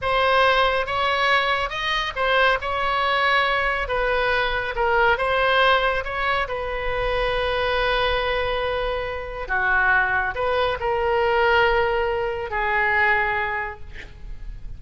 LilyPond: \new Staff \with { instrumentName = "oboe" } { \time 4/4 \tempo 4 = 139 c''2 cis''2 | dis''4 c''4 cis''2~ | cis''4 b'2 ais'4 | c''2 cis''4 b'4~ |
b'1~ | b'2 fis'2 | b'4 ais'2.~ | ais'4 gis'2. | }